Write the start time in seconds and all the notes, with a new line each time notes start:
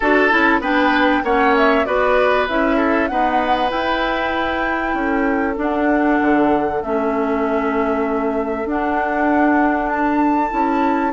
0.00 D4 F#4 A4 A5
0.30 C#4 E4
0.60 B3 D4 B4 G5
1.23 A#3 C#4 C#5 F#5
1.57 E5
1.85 B3 F#4 B4 D5
2.48 C#4 E4 E5
2.77 A4
3.07 B3 D#4 B4 F#5
3.69 E4 G5
4.94 C#4 A4
5.55 D4 F#5
6.21 D3
6.82 A3 C#4 E5
8.65 D4 F#5
9.89 A5
10.50 C#4 E4